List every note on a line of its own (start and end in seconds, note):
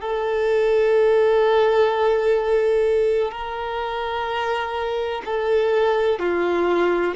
0.00 3.31 A4
3.31 5.22 A#4
5.25 6.19 A4
6.19 7.14 F4